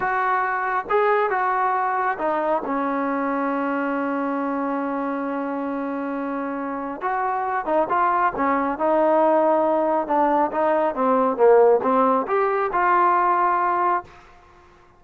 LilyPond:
\new Staff \with { instrumentName = "trombone" } { \time 4/4 \tempo 4 = 137 fis'2 gis'4 fis'4~ | fis'4 dis'4 cis'2~ | cis'1~ | cis'1 |
fis'4. dis'8 f'4 cis'4 | dis'2. d'4 | dis'4 c'4 ais4 c'4 | g'4 f'2. | }